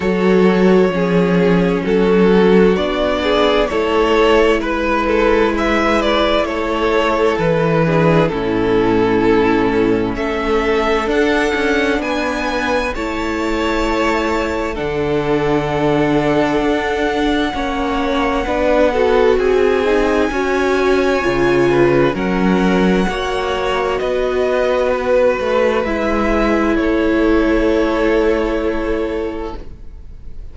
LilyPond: <<
  \new Staff \with { instrumentName = "violin" } { \time 4/4 \tempo 4 = 65 cis''2 a'4 d''4 | cis''4 b'4 e''8 d''8 cis''4 | b'4 a'2 e''4 | fis''4 gis''4 a''2 |
fis''1~ | fis''4 gis''2. | fis''2 dis''4 b'4 | e''4 cis''2. | }
  \new Staff \with { instrumentName = "violin" } { \time 4/4 a'4 gis'4 fis'4. gis'8 | a'4 b'8 a'8 b'4 a'4~ | a'8 gis'8 e'2 a'4~ | a'4 b'4 cis''2 |
a'2. cis''4 | b'8 a'8 gis'4 cis''4. b'8 | ais'4 cis''4 b'2~ | b'4 a'2. | }
  \new Staff \with { instrumentName = "viola" } { \time 4/4 fis'4 cis'2 d'4 | e'1~ | e'8 d'8 cis'2. | d'2 e'2 |
d'2. cis'4 | d'8 fis'4 dis'8 fis'4 f'4 | cis'4 fis'2. | e'1 | }
  \new Staff \with { instrumentName = "cello" } { \time 4/4 fis4 f4 fis4 b4 | a4 gis2 a4 | e4 a,2 a4 | d'8 cis'8 b4 a2 |
d2 d'4 ais4 | b4 c'4 cis'4 cis4 | fis4 ais4 b4. a8 | gis4 a2. | }
>>